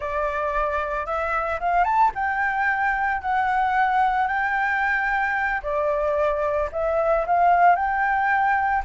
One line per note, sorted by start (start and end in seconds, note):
0.00 1.05 D5
1.05 1.59 E5
1.59 1.84 F5
1.84 2.11 A5
2.15 3.21 G5
3.21 4.27 F#5
4.27 5.61 G5
5.62 6.69 D5
6.72 7.25 E5
7.26 7.75 F5
7.75 8.82 G5